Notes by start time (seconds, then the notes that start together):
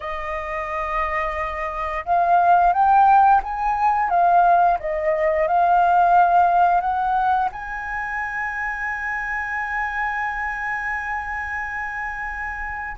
0.00 D#5
2.05 F5
2.72 G5
3.43 G#5
4.09 F5
4.79 D#5
5.47 F5
6.80 F#5
7.52 G#5